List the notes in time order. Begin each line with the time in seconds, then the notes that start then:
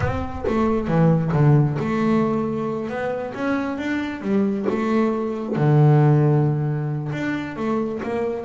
0.00 C4
0.47 A3
0.87 E3
1.33 D3
1.79 A3
2.89 B3
3.34 C#4
3.78 D4
4.21 G3
4.69 A3
5.56 D3
7.12 D4
7.56 A3
8.02 A#3